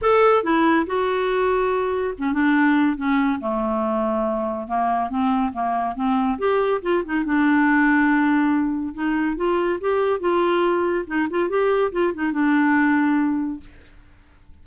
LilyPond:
\new Staff \with { instrumentName = "clarinet" } { \time 4/4 \tempo 4 = 141 a'4 e'4 fis'2~ | fis'4 cis'8 d'4. cis'4 | a2. ais4 | c'4 ais4 c'4 g'4 |
f'8 dis'8 d'2.~ | d'4 dis'4 f'4 g'4 | f'2 dis'8 f'8 g'4 | f'8 dis'8 d'2. | }